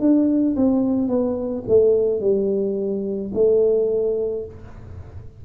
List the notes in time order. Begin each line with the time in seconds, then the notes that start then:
0.00 D4
0.57 C4
1.09 B3
1.69 A3
2.21 G3
3.34 A3